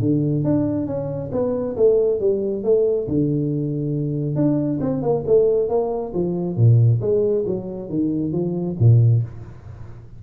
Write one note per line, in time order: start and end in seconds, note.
0.00 0.44 D3
0.44 0.87 D4
0.87 1.30 C#4
1.32 1.76 B3
1.76 2.20 A3
2.20 2.64 G3
2.64 3.07 A3
3.08 4.36 D3
4.36 4.79 D4
4.81 5.02 C4
5.02 5.24 A#3
5.27 5.69 A3
5.69 6.13 A#3
6.14 6.56 F3
6.56 7.00 A#2
7.01 7.45 G#3
7.47 7.89 F#3
7.89 8.32 D#3
8.32 8.76 F3
8.79 9.23 A#2